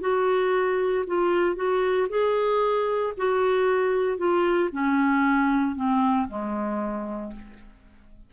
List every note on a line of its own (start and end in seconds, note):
0.00 1.04 F#4
1.06 1.55 F4
1.55 2.07 F#4
2.09 3.13 G#4
3.17 4.17 F#4
4.17 4.69 F4
4.72 5.75 C#4
5.75 6.27 C4
6.28 7.32 G#3